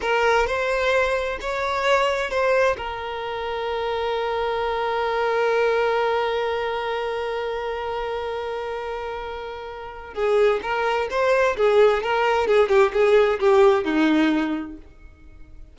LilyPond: \new Staff \with { instrumentName = "violin" } { \time 4/4 \tempo 4 = 130 ais'4 c''2 cis''4~ | cis''4 c''4 ais'2~ | ais'1~ | ais'1~ |
ais'1~ | ais'2 gis'4 ais'4 | c''4 gis'4 ais'4 gis'8 g'8 | gis'4 g'4 dis'2 | }